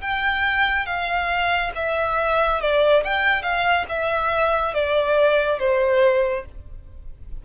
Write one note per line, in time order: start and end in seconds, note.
0.00 0.86 G5
0.86 1.71 F5
1.75 2.60 E5
2.60 3.03 D5
3.04 3.42 G5
3.42 3.85 F5
3.88 4.73 E5
4.73 5.59 D5
5.59 6.45 C5